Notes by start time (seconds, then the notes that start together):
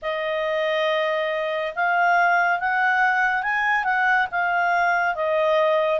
0.02 D#5
1.75 F5
2.59 F#5
3.42 G#5
3.84 F#5
4.31 F5
5.15 D#5